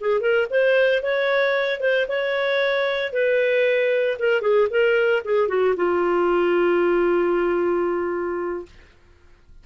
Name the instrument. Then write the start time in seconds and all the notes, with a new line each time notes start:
clarinet
0.00 G#4
0.20 A#4
0.50 C5
1.02 C#5
1.80 C5
2.08 C#5
3.12 B4
4.19 A#4
4.41 G#4
4.70 A#4
5.24 G#4
5.48 F#4
5.76 F4